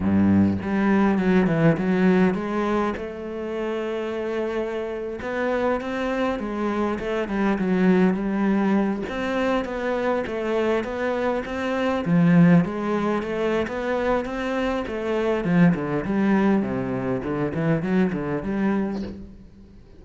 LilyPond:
\new Staff \with { instrumentName = "cello" } { \time 4/4 \tempo 4 = 101 g,4 g4 fis8 e8 fis4 | gis4 a2.~ | a8. b4 c'4 gis4 a16~ | a16 g8 fis4 g4. c'8.~ |
c'16 b4 a4 b4 c'8.~ | c'16 f4 gis4 a8. b4 | c'4 a4 f8 d8 g4 | c4 d8 e8 fis8 d8 g4 | }